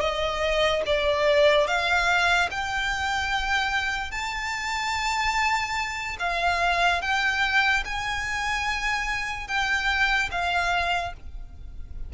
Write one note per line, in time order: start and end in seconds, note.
0.00 0.82 D#5
0.86 1.67 D5
1.67 2.49 F5
2.50 4.11 G5
4.11 6.16 A5
6.19 7.01 F5
7.01 7.83 G5
7.85 9.47 G#5
9.47 10.29 G5
10.31 11.13 F5